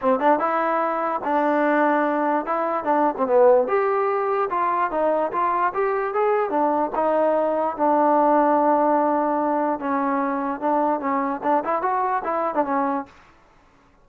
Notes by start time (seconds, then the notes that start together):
0.01 C4
0.19 D4
0.39 E4
1.24 D4
2.45 E4
2.84 D4
3.17 C4
3.27 B3
3.67 G4
4.50 F4
4.90 D#4
5.32 F4
5.73 G4
6.14 G#4
6.50 D4
6.95 D#4
7.77 D4
9.79 C#4
10.60 D4
11.00 C#4
11.43 D4
11.64 E4
11.82 F#4
12.24 E4
12.55 D4
12.64 C#4